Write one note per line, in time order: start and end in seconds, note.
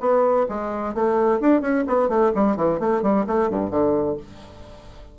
0.00 0.47 B3
0.49 0.94 G#3
0.94 1.40 A3
1.40 1.61 D4
1.61 1.84 C#4
1.87 2.09 B3
2.09 2.32 A3
2.35 2.57 G3
2.57 2.79 E3
2.79 3.02 A3
3.02 3.26 G3
3.27 3.50 A3
3.50 3.70 G2
3.70 4.17 D3